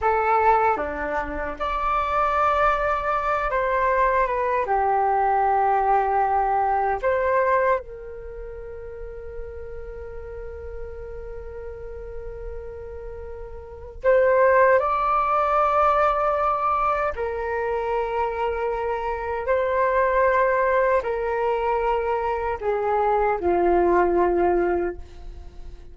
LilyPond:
\new Staff \with { instrumentName = "flute" } { \time 4/4 \tempo 4 = 77 a'4 d'4 d''2~ | d''8 c''4 b'8 g'2~ | g'4 c''4 ais'2~ | ais'1~ |
ais'2 c''4 d''4~ | d''2 ais'2~ | ais'4 c''2 ais'4~ | ais'4 gis'4 f'2 | }